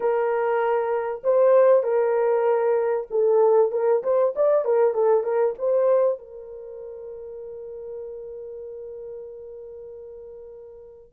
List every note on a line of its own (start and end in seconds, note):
0.00 1.22 A#4
1.23 1.83 C5
1.83 3.07 A#4
3.10 3.71 A4
3.71 4.02 A#4
4.03 4.34 C5
4.35 4.64 D5
4.64 4.93 A#4
4.93 5.23 A4
5.23 5.54 A#4
5.58 6.18 C5
6.18 11.12 A#4